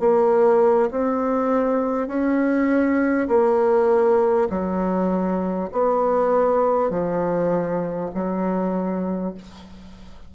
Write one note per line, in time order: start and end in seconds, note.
0.00 0.90 A#3
0.91 2.08 C4
2.08 3.28 C#4
3.28 4.48 A#3
4.50 5.70 F#3
5.72 6.91 B3
6.91 8.11 F3
8.14 9.34 F#3